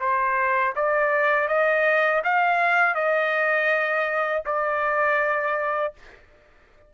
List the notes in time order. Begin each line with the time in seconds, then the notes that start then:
0.00 C5
0.76 D5
1.48 D#5
2.24 F5
2.95 D#5
4.45 D5